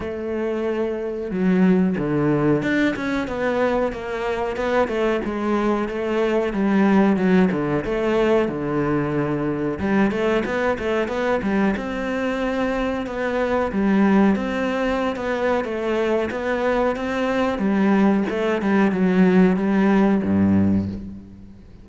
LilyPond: \new Staff \with { instrumentName = "cello" } { \time 4/4 \tempo 4 = 92 a2 fis4 d4 | d'8 cis'8 b4 ais4 b8 a8 | gis4 a4 g4 fis8 d8 | a4 d2 g8 a8 |
b8 a8 b8 g8 c'2 | b4 g4 c'4~ c'16 b8. | a4 b4 c'4 g4 | a8 g8 fis4 g4 g,4 | }